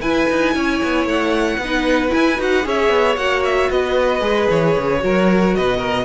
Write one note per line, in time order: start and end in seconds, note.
0.00 0.26 E4
0.00 1.61 E4
0.00 0.54 B4
0.00 1.06 G#5
0.29 0.55 D#4
0.54 0.81 C#4
0.54 1.60 C#5
0.83 1.05 B3
1.05 1.57 A3
1.05 2.14 F#5
1.57 2.10 B3
1.57 2.66 B4
1.64 2.09 D#4
2.09 2.35 E4
2.09 2.38 E4
2.09 2.40 G#5
2.37 2.64 D#4
2.37 2.63 F#4
2.37 2.67 F#5
2.63 2.89 C#4
2.63 3.15 G#4
2.63 3.70 C#5
2.63 3.16 E5
2.89 3.15 B3
3.16 3.68 A#3
3.16 4.20 F#4
3.16 3.42 F#5
3.44 3.70 E5
3.69 4.21 B3
3.69 5.01 B4
3.69 4.49 D#5
4.20 4.47 G#3
4.20 4.99 G#4
4.49 4.76 E3
4.49 5.55 C#5
4.77 5.03 C#3
4.99 5.55 F#3
4.99 6.05 F#4
4.99 5.56 A#4
5.55 6.05 B2
5.55 5.77 B4
5.55 6.05 D#5
5.77 6.03 A#4